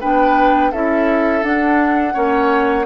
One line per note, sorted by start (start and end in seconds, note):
0.00 0.72 B3
0.00 0.73 D4
0.00 0.71 B4
0.00 0.72 G5
0.72 1.43 C#4
0.72 1.43 E4
0.72 2.14 A4
0.72 1.43 E5
1.43 2.14 D4
1.43 2.86 F#5
2.14 2.86 A#3
2.14 2.85 C#4
2.14 2.85 C#5